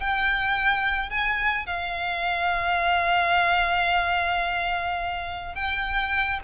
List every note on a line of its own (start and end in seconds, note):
0.00 1.10 G5
1.10 1.66 G#5
1.66 5.55 F5
5.55 6.39 G5